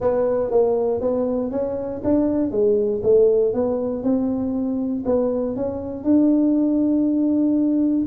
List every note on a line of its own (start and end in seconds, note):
0.00 0.50 B3
0.50 1.00 A#3
1.00 1.51 B3
1.51 2.01 C#4
2.04 2.51 D4
2.51 3.01 G#3
3.03 3.53 A3
3.53 4.03 B3
4.03 5.04 C4
5.05 5.56 B3
5.56 6.04 C#4
6.04 8.05 D4